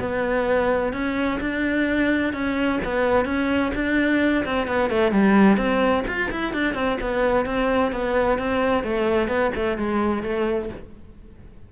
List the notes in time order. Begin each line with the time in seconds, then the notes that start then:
0.00 B3
0.93 C#4
1.40 D4
2.33 C#4
2.84 B3
3.25 C#4
3.75 D4
4.45 C4
4.67 B3
4.90 A3
5.11 G3
5.57 C4
6.07 F4
6.31 E4
6.53 D4
6.74 C4
7.01 B3
7.46 C4
7.92 B3
8.38 C4
8.83 A3
9.28 B3
9.55 A3
9.77 G#3
10.23 A3